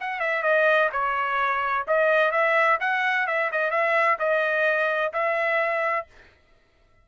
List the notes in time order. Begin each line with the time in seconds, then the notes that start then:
0.00 F#5
0.19 E5
0.42 D#5
0.92 C#5
1.87 D#5
2.31 E5
2.80 F#5
3.27 E5
3.51 D#5
3.70 E5
4.18 D#5
5.13 E5